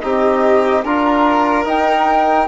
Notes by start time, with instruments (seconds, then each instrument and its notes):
0.00 bassoon C4, trombone D#4, violin G4, flute D#5
0.84 bassoon D4, trombone F4, violin A#4, flute A#5
1.65 trombone D#4, bassoon D#4, flute G5